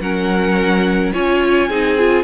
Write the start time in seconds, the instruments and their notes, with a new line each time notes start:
0.00 cello F#3, viola C#4, violin A#4 F#5
1.13 cello C#4, viola F4, violin C#5 G#5
1.69 cello C4, viola D#4, violin G#4
1.99 viola F4